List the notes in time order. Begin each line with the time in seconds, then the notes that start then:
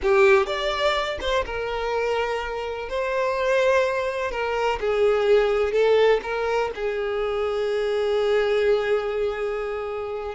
0.02 G4
0.46 D5
1.20 C5
1.45 A#4
2.89 C5
4.31 A#4
4.80 G#4
5.72 A4
6.22 A#4
6.75 G#4